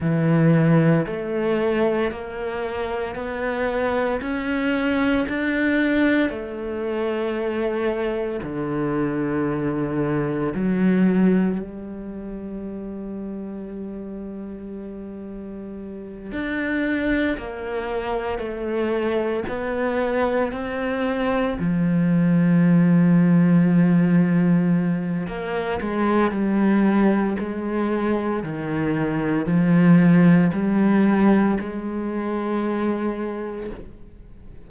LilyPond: \new Staff \with { instrumentName = "cello" } { \time 4/4 \tempo 4 = 57 e4 a4 ais4 b4 | cis'4 d'4 a2 | d2 fis4 g4~ | g2.~ g8 d'8~ |
d'8 ais4 a4 b4 c'8~ | c'8 f2.~ f8 | ais8 gis8 g4 gis4 dis4 | f4 g4 gis2 | }